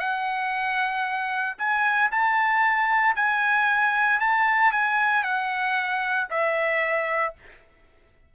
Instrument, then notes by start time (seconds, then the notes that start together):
trumpet
0.00 F#5
1.58 G#5
2.11 A5
3.16 G#5
4.20 A5
4.72 G#5
5.24 F#5
6.30 E5